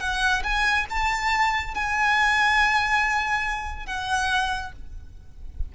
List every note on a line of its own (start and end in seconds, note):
0.00 0.43 F#5
0.44 0.87 G#5
0.90 1.75 A5
1.75 3.87 G#5
3.87 4.73 F#5